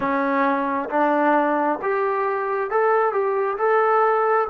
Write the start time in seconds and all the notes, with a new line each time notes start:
0.00 C#4
0.90 D4
1.82 G4
2.70 A4
3.12 G4
3.57 A4